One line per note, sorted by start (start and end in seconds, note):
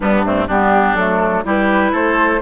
0.00 0.48 G2
0.00 0.23 G3
0.00 0.25 B3
0.00 0.46 D4
0.24 0.48 A3
0.24 0.47 C4
0.47 0.95 G3
0.47 0.97 B3
0.47 1.44 D4
0.47 0.95 G4
0.95 1.43 F#3
0.95 1.44 A3
0.95 1.43 A4
1.44 1.92 G3
1.44 2.41 E4
1.44 1.92 G4
1.44 1.94 B4
1.92 2.41 A3
1.92 2.40 A4
1.92 2.41 C5